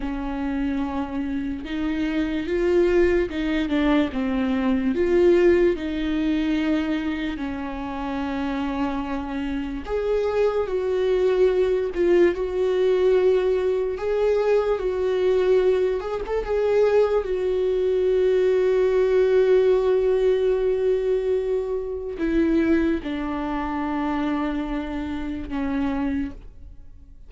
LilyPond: \new Staff \with { instrumentName = "viola" } { \time 4/4 \tempo 4 = 73 cis'2 dis'4 f'4 | dis'8 d'8 c'4 f'4 dis'4~ | dis'4 cis'2. | gis'4 fis'4. f'8 fis'4~ |
fis'4 gis'4 fis'4. gis'16 a'16 | gis'4 fis'2.~ | fis'2. e'4 | d'2. cis'4 | }